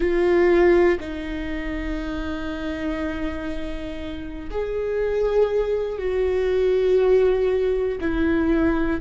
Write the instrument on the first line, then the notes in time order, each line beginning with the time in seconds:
viola
0.00 F4
1.00 D#4
4.50 G#4
5.98 F#4
8.00 E4